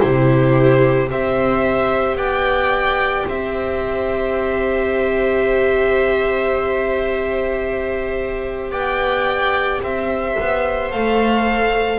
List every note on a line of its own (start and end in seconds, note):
0.00 1.11 C3
0.00 1.09 E4
0.00 1.09 G4
0.00 1.09 C5
1.10 2.15 C4
1.10 10.90 G4
1.10 2.17 C5
1.10 2.17 E5
2.15 3.24 B3
2.15 3.27 D5
2.15 3.26 G5
3.27 8.71 C4
3.27 8.71 C5
3.27 8.72 E5
8.71 9.80 B3
8.71 9.80 D5
8.71 9.81 G5
9.82 10.36 C4
9.82 11.98 C5
9.82 10.91 E5
10.39 10.93 B3
10.90 11.98 A3
10.90 11.98 A4
10.90 11.98 F5